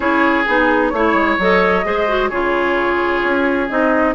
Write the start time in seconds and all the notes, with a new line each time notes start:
0.00 C#4 E4 G#4 C#5
0.45 B3 D#4 G#4
0.89 A3 E4 C#5
1.13 G#3
1.38 F#3 A4 D#5
1.83 G#3 G#4 C5
2.07 F#4
2.29 C#3 F4 G#4 C#5
3.23 C#4
3.68 C4 D#4 D#5